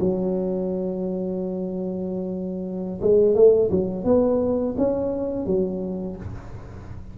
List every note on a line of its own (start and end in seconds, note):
0.00 3.00 F#3
3.01 3.35 G#3
3.35 3.70 A3
3.71 4.05 F#3
4.05 4.75 B3
4.78 5.46 C#4
5.46 6.17 F#3